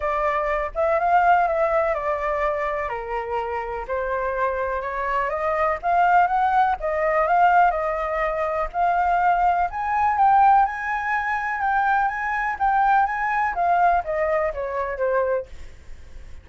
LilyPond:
\new Staff \with { instrumentName = "flute" } { \time 4/4 \tempo 4 = 124 d''4. e''8 f''4 e''4 | d''2 ais'2 | c''2 cis''4 dis''4 | f''4 fis''4 dis''4 f''4 |
dis''2 f''2 | gis''4 g''4 gis''2 | g''4 gis''4 g''4 gis''4 | f''4 dis''4 cis''4 c''4 | }